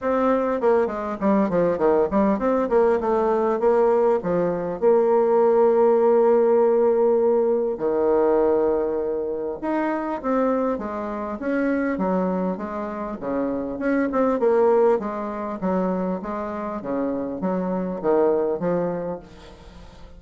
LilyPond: \new Staff \with { instrumentName = "bassoon" } { \time 4/4 \tempo 4 = 100 c'4 ais8 gis8 g8 f8 dis8 g8 | c'8 ais8 a4 ais4 f4 | ais1~ | ais4 dis2. |
dis'4 c'4 gis4 cis'4 | fis4 gis4 cis4 cis'8 c'8 | ais4 gis4 fis4 gis4 | cis4 fis4 dis4 f4 | }